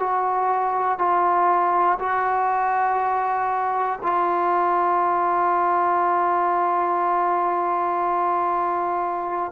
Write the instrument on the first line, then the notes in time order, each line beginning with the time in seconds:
trombone
0.00 F#4
0.99 F4
2.00 F#4
4.03 F4